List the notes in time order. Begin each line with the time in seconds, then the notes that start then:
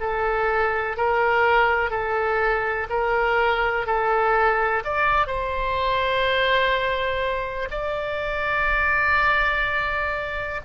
0.00 A4
0.97 A#4
1.90 A4
2.90 A#4
3.87 A4
4.85 D5
5.27 C5
7.71 D5